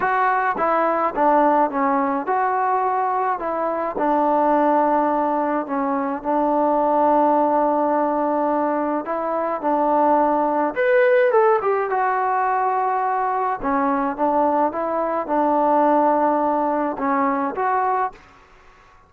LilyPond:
\new Staff \with { instrumentName = "trombone" } { \time 4/4 \tempo 4 = 106 fis'4 e'4 d'4 cis'4 | fis'2 e'4 d'4~ | d'2 cis'4 d'4~ | d'1 |
e'4 d'2 b'4 | a'8 g'8 fis'2. | cis'4 d'4 e'4 d'4~ | d'2 cis'4 fis'4 | }